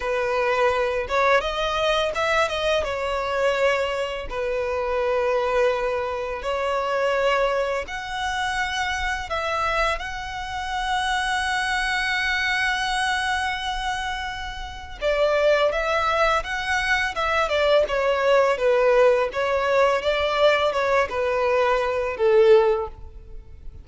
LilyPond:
\new Staff \with { instrumentName = "violin" } { \time 4/4 \tempo 4 = 84 b'4. cis''8 dis''4 e''8 dis''8 | cis''2 b'2~ | b'4 cis''2 fis''4~ | fis''4 e''4 fis''2~ |
fis''1~ | fis''4 d''4 e''4 fis''4 | e''8 d''8 cis''4 b'4 cis''4 | d''4 cis''8 b'4. a'4 | }